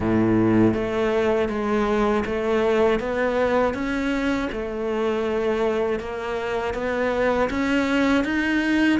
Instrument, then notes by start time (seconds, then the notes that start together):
cello
0.00 A2
0.74 A3
1.49 G#3
2.25 A3
2.99 B3
3.74 C#4
4.52 A3
5.99 A#3
6.74 B3
7.50 C#4
8.24 D#4